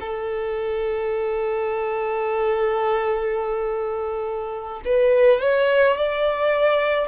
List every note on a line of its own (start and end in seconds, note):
0.00 4.81 A4
4.85 5.40 B4
5.40 5.96 C#5
5.96 7.08 D5